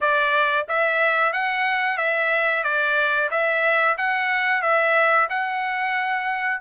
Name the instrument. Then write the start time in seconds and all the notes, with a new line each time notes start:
trumpet
0.01 D5
0.68 E5
1.32 F#5
1.97 E5
2.63 D5
3.31 E5
3.97 F#5
4.62 E5
5.29 F#5